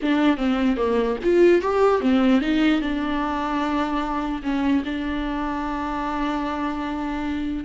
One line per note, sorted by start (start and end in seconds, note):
0.01 0.37 D4
0.37 0.76 C4
0.76 1.17 A#3
1.23 1.61 F4
1.61 2.00 G4
2.00 2.41 C4
2.41 2.81 D#4
2.81 4.42 D4
4.43 4.83 C#4
4.84 7.64 D4